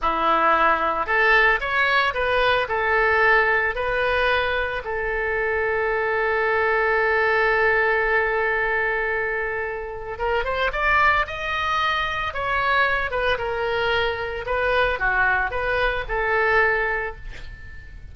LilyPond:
\new Staff \with { instrumentName = "oboe" } { \time 4/4 \tempo 4 = 112 e'2 a'4 cis''4 | b'4 a'2 b'4~ | b'4 a'2.~ | a'1~ |
a'2. ais'8 c''8 | d''4 dis''2 cis''4~ | cis''8 b'8 ais'2 b'4 | fis'4 b'4 a'2 | }